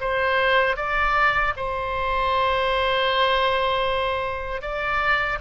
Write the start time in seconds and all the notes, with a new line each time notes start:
0.00 C5
0.76 D5
1.56 C5
4.61 D5